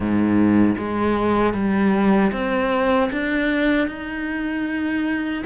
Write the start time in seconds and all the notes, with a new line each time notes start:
0.00 G#2
0.78 G#3
1.53 G3
2.32 C4
3.12 D4
3.87 D#4